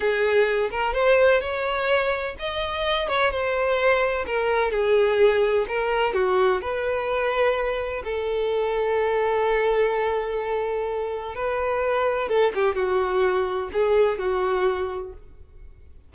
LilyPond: \new Staff \with { instrumentName = "violin" } { \time 4/4 \tempo 4 = 127 gis'4. ais'8 c''4 cis''4~ | cis''4 dis''4. cis''8 c''4~ | c''4 ais'4 gis'2 | ais'4 fis'4 b'2~ |
b'4 a'2.~ | a'1 | b'2 a'8 g'8 fis'4~ | fis'4 gis'4 fis'2 | }